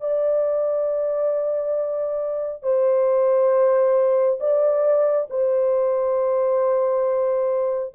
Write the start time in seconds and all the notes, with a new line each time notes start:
0.00 D5
2.62 C5
4.40 D5
5.29 C5